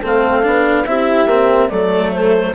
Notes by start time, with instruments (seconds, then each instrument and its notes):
0.00 bassoon A3, cello C4, horn A4
0.06 clarinet F5
0.43 bassoon B3, cello D4
0.86 bassoon C4, cello E4, horn G4, clarinet E5
1.26 bassoon A#3, cello C4
1.69 bassoon F#3, cello A3, horn A4, clarinet D5
2.12 clarinet C5